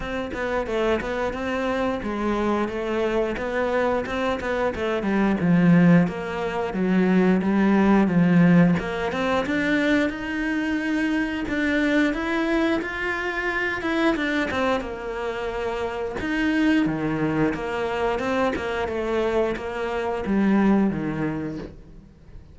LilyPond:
\new Staff \with { instrumentName = "cello" } { \time 4/4 \tempo 4 = 89 c'8 b8 a8 b8 c'4 gis4 | a4 b4 c'8 b8 a8 g8 | f4 ais4 fis4 g4 | f4 ais8 c'8 d'4 dis'4~ |
dis'4 d'4 e'4 f'4~ | f'8 e'8 d'8 c'8 ais2 | dis'4 dis4 ais4 c'8 ais8 | a4 ais4 g4 dis4 | }